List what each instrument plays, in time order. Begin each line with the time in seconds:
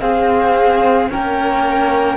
0.00 cello C4, violin G#4, flute F5
1.09 cello A#3 C#4, violin A#4, flute G5